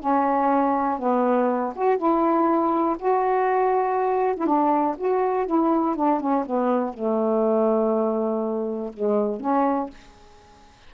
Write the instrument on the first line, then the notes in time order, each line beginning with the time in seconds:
saxophone
0.00 C#4
0.99 B3
1.75 F#4
1.98 E4
2.99 F#4
4.37 E4
4.46 D4
4.97 F#4
5.46 E4
5.96 D4
6.20 C#4
6.46 B3
6.94 A3
8.93 G#3
9.40 C#4